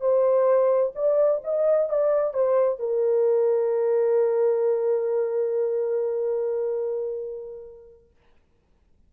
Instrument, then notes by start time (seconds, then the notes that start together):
horn
0.00 C5
0.95 D5
1.44 D#5
1.89 D5
2.33 C5
2.79 A#4